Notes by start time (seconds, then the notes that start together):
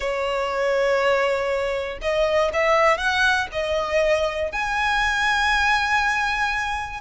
0.00 C#5
2.01 D#5
2.53 E5
2.97 F#5
3.52 D#5
4.52 G#5